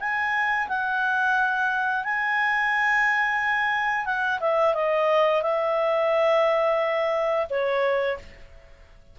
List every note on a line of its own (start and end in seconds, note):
0.00 0.68 G#5
0.68 2.05 F#5
2.05 4.06 G#5
4.06 4.40 F#5
4.41 4.75 E5
4.75 5.43 D#5
5.43 7.47 E5
7.50 8.18 C#5